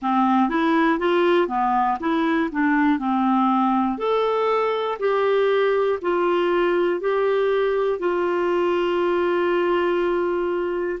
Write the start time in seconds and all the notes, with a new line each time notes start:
0.02 C4
0.49 E4
0.99 F4
1.48 B3
2.00 E4
2.51 D4
2.98 C4
3.98 A4
4.99 G4
6.01 F4
7.00 G4
7.99 F4